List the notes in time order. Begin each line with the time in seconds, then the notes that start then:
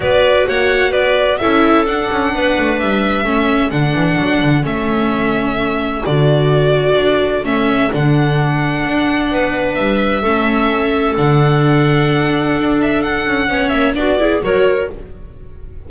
0.00 B3 F#4 B4 D5
0.48 A#3 C#5 F#5
0.91 B3 B4 D5
1.38 C#4 E4 A4 E5
1.85 D4 F#5
2.11 C#4
2.33 B3 B4
2.57 A3
2.79 G3 E5
3.23 A3 C#4 A4
3.70 D3 D4 F#5
3.94 E3
4.18 F#3
4.40 D3
4.62 A3 C#4 E5
6.05 D3 F#4 D5
6.96 D4
7.43 A3 C#4 E5
7.91 D3 D4 F#5
8.86 D4
9.30 B3 B4
9.74 G3 E5
10.22 A3 C#4 A4
11.16 D3 D4 F#5
12.56 D4
12.81 E5
13.02 F#5
13.26 C#4
13.48 B3 C#4 C#5
13.68 A#3 E5
13.94 B3 D4 F#4 D5
14.17 E4 G#4
14.42 F#3 F#4 A#4 C#5